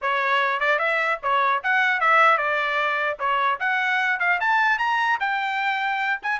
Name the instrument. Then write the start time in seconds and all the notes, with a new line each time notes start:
trumpet
0.01 C#5
0.60 D5
0.78 E5
1.22 C#5
1.63 F#5
2.00 E5
2.37 D5
3.19 C#5
3.59 F#5
4.19 F5
4.40 A5
4.78 A#5
5.20 G5
6.22 G#5